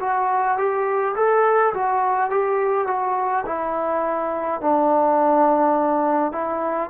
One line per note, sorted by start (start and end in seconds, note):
0.00 0.58 F#4
0.58 1.15 G4
1.16 1.74 A4
1.74 2.31 F#4
2.31 2.87 G4
2.87 3.45 F#4
3.46 4.61 E4
4.61 6.33 D4
6.33 6.90 E4